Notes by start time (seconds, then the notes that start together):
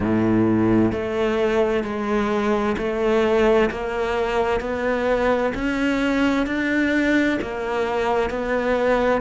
0.00 A2
0.91 A3
1.83 G#3
2.77 A3
3.70 A#3
4.60 B3
5.54 C#4
6.46 D4
7.41 A#3
8.30 B3